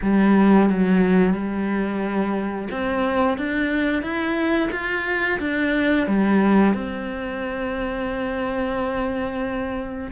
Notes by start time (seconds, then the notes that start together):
0.02 G3
0.69 F#3
1.33 G3
2.70 C4
3.37 D4
4.02 E4
4.71 F4
5.39 D4
6.07 G3
6.74 C4